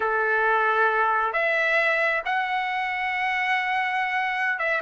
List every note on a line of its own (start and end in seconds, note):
0.00 1.32 A4
1.32 2.22 E5
2.25 4.59 F#5
4.59 4.81 E5